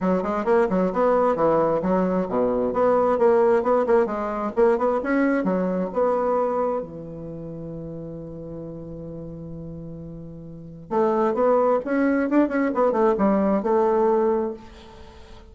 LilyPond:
\new Staff \with { instrumentName = "bassoon" } { \time 4/4 \tempo 4 = 132 fis8 gis8 ais8 fis8 b4 e4 | fis4 b,4 b4 ais4 | b8 ais8 gis4 ais8 b8 cis'4 | fis4 b2 e4~ |
e1~ | e1 | a4 b4 cis'4 d'8 cis'8 | b8 a8 g4 a2 | }